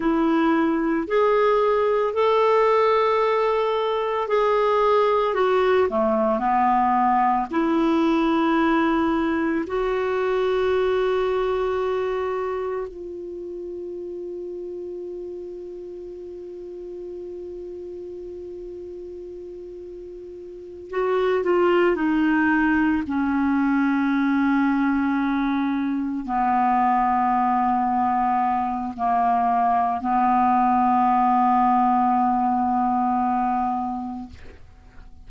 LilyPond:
\new Staff \with { instrumentName = "clarinet" } { \time 4/4 \tempo 4 = 56 e'4 gis'4 a'2 | gis'4 fis'8 a8 b4 e'4~ | e'4 fis'2. | f'1~ |
f'2.~ f'8 fis'8 | f'8 dis'4 cis'2~ cis'8~ | cis'8 b2~ b8 ais4 | b1 | }